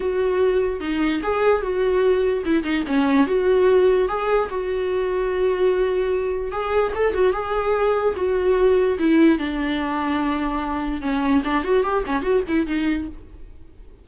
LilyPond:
\new Staff \with { instrumentName = "viola" } { \time 4/4 \tempo 4 = 147 fis'2 dis'4 gis'4 | fis'2 e'8 dis'8 cis'4 | fis'2 gis'4 fis'4~ | fis'1 |
gis'4 a'8 fis'8 gis'2 | fis'2 e'4 d'4~ | d'2. cis'4 | d'8 fis'8 g'8 cis'8 fis'8 e'8 dis'4 | }